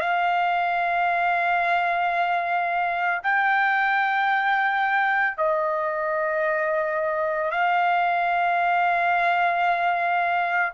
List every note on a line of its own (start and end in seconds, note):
0.00 3.21 F5
3.23 5.37 G5
5.37 7.51 D#5
7.51 10.72 F5